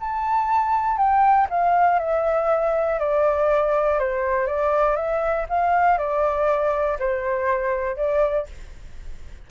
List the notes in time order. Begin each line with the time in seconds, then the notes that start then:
0.00 A5
0.97 G5
1.50 F5
1.99 E5
2.99 D5
3.99 C5
4.47 D5
4.96 E5
5.49 F5
5.98 D5
6.99 C5
7.97 D5